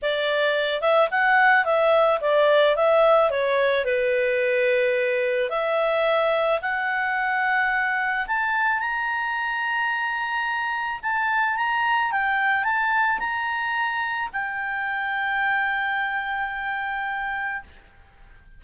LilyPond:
\new Staff \with { instrumentName = "clarinet" } { \time 4/4 \tempo 4 = 109 d''4. e''8 fis''4 e''4 | d''4 e''4 cis''4 b'4~ | b'2 e''2 | fis''2. a''4 |
ais''1 | a''4 ais''4 g''4 a''4 | ais''2 g''2~ | g''1 | }